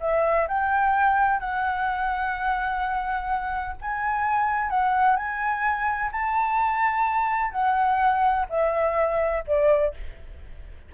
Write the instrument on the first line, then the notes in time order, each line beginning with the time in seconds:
flute
0.00 E5
0.47 G5
1.39 F#5
3.81 G#5
4.69 F#5
5.16 G#5
6.12 A5
7.51 F#5
8.49 E5
9.47 D5